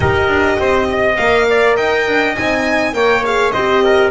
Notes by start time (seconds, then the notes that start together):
0.00 D#4 G4 A#4 D#5
0.28 D4
0.58 C4 C5
0.90 D#5
1.16 A#3 A#4 F5
1.49 D5
1.77 D#4 D#5 G5
2.07 D4
2.35 C4 D#4 G#5
2.93 A#3 A#4 C#5 G5
3.24 G#4 F5
3.51 C4 G4 C5 D#5
3.84 A#4